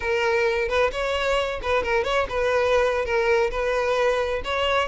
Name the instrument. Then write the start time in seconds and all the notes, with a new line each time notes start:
violin
0.00 A#4
0.68 B4
0.92 C#5
1.62 B4
1.83 A#4
2.04 C#5
2.29 B4
3.05 A#4
3.51 B4
4.44 C#5